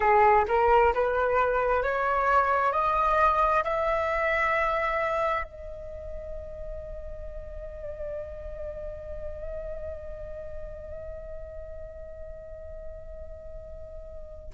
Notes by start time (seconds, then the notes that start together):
0.00 G#4
0.48 A#4
0.94 B4
1.82 C#5
2.72 D#5
3.64 E5
5.43 D#5